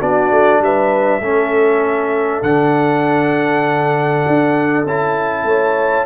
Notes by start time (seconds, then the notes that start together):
0.00 B3 D4 F#4 D5
0.31 A3
0.60 G3 B4 E5
1.20 A3 C#4 A4
2.43 D3 D4 F#5
4.28 D4
4.85 C#4 E4 A5
5.44 A3 C#5